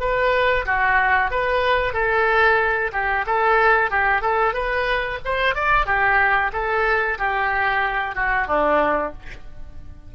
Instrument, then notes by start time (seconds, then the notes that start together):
oboe
0.00 B4
0.65 F#4
1.30 B4
1.93 A4
2.92 G4
3.26 A4
3.90 G4
4.21 A4
4.53 B4
5.24 C5
5.54 D5
5.86 G4
6.52 A4
7.18 G4
8.15 F#4
8.47 D4